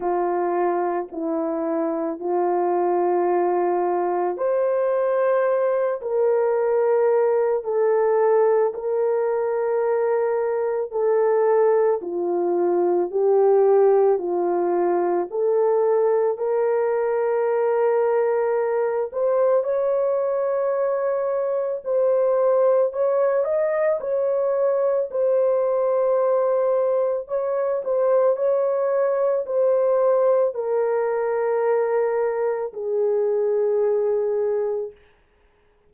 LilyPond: \new Staff \with { instrumentName = "horn" } { \time 4/4 \tempo 4 = 55 f'4 e'4 f'2 | c''4. ais'4. a'4 | ais'2 a'4 f'4 | g'4 f'4 a'4 ais'4~ |
ais'4. c''8 cis''2 | c''4 cis''8 dis''8 cis''4 c''4~ | c''4 cis''8 c''8 cis''4 c''4 | ais'2 gis'2 | }